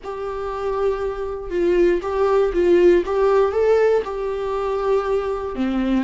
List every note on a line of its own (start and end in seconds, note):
0.03 1.50 G4
1.50 2.00 F4
2.02 2.52 G4
2.53 3.03 F4
3.05 3.52 G4
3.52 4.02 A4
4.04 5.55 G4
5.55 6.04 C4